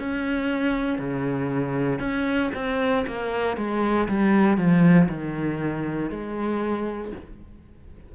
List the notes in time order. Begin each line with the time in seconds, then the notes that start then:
0.00 C#4
0.99 C#3
2.00 C#4
2.55 C4
3.07 A#3
3.57 G#3
4.08 G3
4.58 F3
5.09 D#3
6.10 G#3